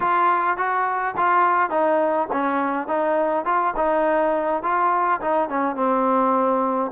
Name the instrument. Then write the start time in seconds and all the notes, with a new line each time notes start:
trombone
0.00 F4
0.57 F#4
1.17 F4
1.70 D#4
2.32 C#4
2.87 D#4
3.45 F4
3.76 D#4
4.62 F4
5.21 D#4
5.49 C#4
5.75 C4